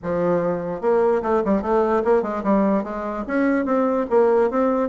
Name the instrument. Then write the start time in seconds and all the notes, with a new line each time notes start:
bassoon
0.03 F3
0.81 A#3
1.22 A3
1.45 G3
1.62 A3
2.04 A#3
2.22 G#3
2.43 G3
2.83 G#3
3.27 C#4
3.65 C4
4.09 A#3
4.50 C4